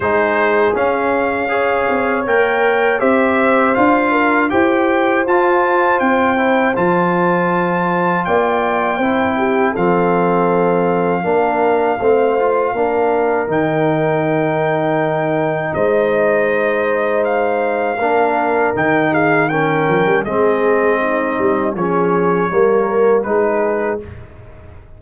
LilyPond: <<
  \new Staff \with { instrumentName = "trumpet" } { \time 4/4 \tempo 4 = 80 c''4 f''2 g''4 | e''4 f''4 g''4 a''4 | g''4 a''2 g''4~ | g''4 f''2.~ |
f''2 g''2~ | g''4 dis''2 f''4~ | f''4 g''8 f''8 g''4 dis''4~ | dis''4 cis''2 b'4 | }
  \new Staff \with { instrumentName = "horn" } { \time 4/4 gis'2 cis''2 | c''4. ais'8 c''2~ | c''2. d''4 | c''8 g'8 a'2 ais'4 |
c''4 ais'2.~ | ais'4 c''2. | ais'4. gis'8 ais'4 gis'4 | dis'4 gis'4 ais'4 gis'4 | }
  \new Staff \with { instrumentName = "trombone" } { \time 4/4 dis'4 cis'4 gis'4 ais'4 | g'4 f'4 g'4 f'4~ | f'8 e'8 f'2. | e'4 c'2 d'4 |
c'8 f'8 d'4 dis'2~ | dis'1 | d'4 dis'4 cis'4 c'4~ | c'4 cis'4 ais4 dis'4 | }
  \new Staff \with { instrumentName = "tuba" } { \time 4/4 gis4 cis'4. c'8 ais4 | c'4 d'4 e'4 f'4 | c'4 f2 ais4 | c'4 f2 ais4 |
a4 ais4 dis2~ | dis4 gis2. | ais4 dis4. f16 g16 gis4~ | gis8 g8 f4 g4 gis4 | }
>>